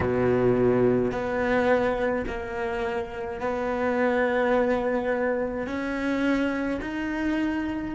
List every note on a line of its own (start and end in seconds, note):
0.00 1.11 B2
1.11 2.24 B3
2.26 3.40 A#3
3.40 5.67 B3
5.67 6.80 C#4
6.81 7.94 D#4